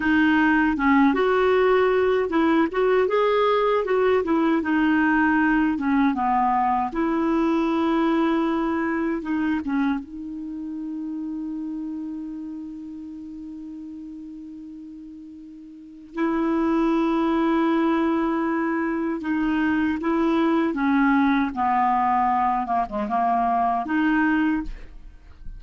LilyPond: \new Staff \with { instrumentName = "clarinet" } { \time 4/4 \tempo 4 = 78 dis'4 cis'8 fis'4. e'8 fis'8 | gis'4 fis'8 e'8 dis'4. cis'8 | b4 e'2. | dis'8 cis'8 dis'2.~ |
dis'1~ | dis'4 e'2.~ | e'4 dis'4 e'4 cis'4 | b4. ais16 gis16 ais4 dis'4 | }